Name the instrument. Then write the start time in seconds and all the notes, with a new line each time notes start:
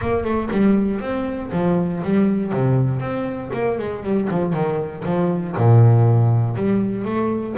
double bass
0.01 A#3
0.24 A3
0.51 G3
1.00 C4
1.52 F3
2.03 G3
2.52 C3
3.00 C4
3.53 A#3
3.78 G#3
4.03 G3
4.30 F3
4.53 D#3
5.05 F3
5.56 A#2
6.56 G3
7.04 A3